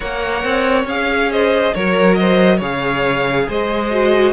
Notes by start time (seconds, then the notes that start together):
0.00 A#3 A#4 C#5 F#5
0.44 C4
0.84 C#4 G#4 F5
1.31 C5 D#5
1.73 F#3 A#4 C#5
2.14 C5 D#5
2.57 C#3 G#4 C#5 F5
3.48 G#3 C5 D#5
3.91 F#4